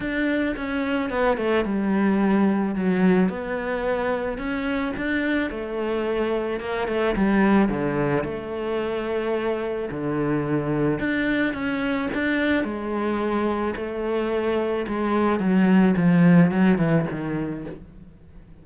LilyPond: \new Staff \with { instrumentName = "cello" } { \time 4/4 \tempo 4 = 109 d'4 cis'4 b8 a8 g4~ | g4 fis4 b2 | cis'4 d'4 a2 | ais8 a8 g4 d4 a4~ |
a2 d2 | d'4 cis'4 d'4 gis4~ | gis4 a2 gis4 | fis4 f4 fis8 e8 dis4 | }